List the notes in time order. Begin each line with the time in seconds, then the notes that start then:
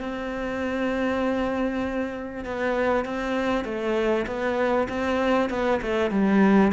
0.00 C4
2.44 B3
3.05 C4
3.64 A3
4.26 B3
4.88 C4
5.50 B3
5.82 A3
6.10 G3